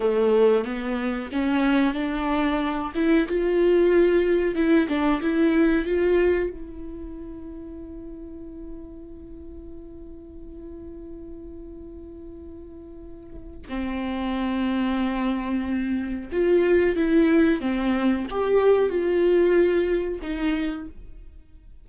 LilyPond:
\new Staff \with { instrumentName = "viola" } { \time 4/4 \tempo 4 = 92 a4 b4 cis'4 d'4~ | d'8 e'8 f'2 e'8 d'8 | e'4 f'4 e'2~ | e'1~ |
e'1~ | e'4 c'2.~ | c'4 f'4 e'4 c'4 | g'4 f'2 dis'4 | }